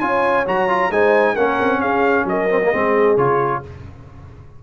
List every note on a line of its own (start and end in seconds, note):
0.00 0.46 C#4
0.00 0.46 F4
0.00 0.91 C#5
0.00 0.45 G#5
0.46 0.90 F#3
0.46 0.69 F#4
0.46 0.92 A#5
0.69 0.91 F4
0.90 1.35 G#3
0.90 1.37 D#4
0.90 1.34 C5
0.90 1.36 G#5
1.34 1.60 A#3
1.34 2.49 C#4
1.34 1.80 A#4
1.34 1.81 F#5
1.60 1.82 C4
1.80 2.25 C#4
1.80 2.25 G#4
1.80 2.26 F5
2.25 2.70 F#3
2.25 2.71 A#4
2.25 3.17 D#5
2.50 2.61 C4
2.63 2.73 A#3
2.71 3.17 G#3
2.71 3.18 C4
2.71 3.61 G#4
3.17 3.62 C#3
3.17 3.63 F4
3.17 3.62 C#5